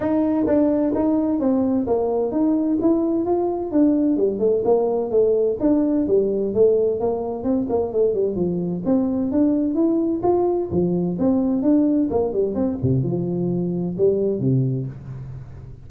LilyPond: \new Staff \with { instrumentName = "tuba" } { \time 4/4 \tempo 4 = 129 dis'4 d'4 dis'4 c'4 | ais4 dis'4 e'4 f'4 | d'4 g8 a8 ais4 a4 | d'4 g4 a4 ais4 |
c'8 ais8 a8 g8 f4 c'4 | d'4 e'4 f'4 f4 | c'4 d'4 ais8 g8 c'8 c8 | f2 g4 c4 | }